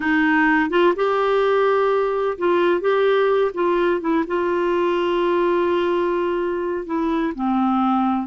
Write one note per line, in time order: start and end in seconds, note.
0.00 0.70 D#4
0.70 0.93 F4
0.96 2.37 G4
2.38 2.80 F4
2.80 3.51 G4
3.53 4.00 F4
4.00 4.24 E4
4.27 6.86 F4
6.86 7.33 E4
7.34 8.26 C4